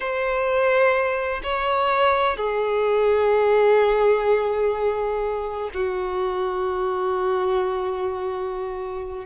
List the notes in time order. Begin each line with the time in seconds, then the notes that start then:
0.00 C5
1.43 C#5
2.36 G#4
5.74 F#4